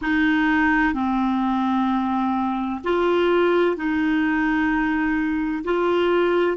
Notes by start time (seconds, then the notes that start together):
0.01 D#4
0.93 C4
2.84 F4
3.76 D#4
5.64 F4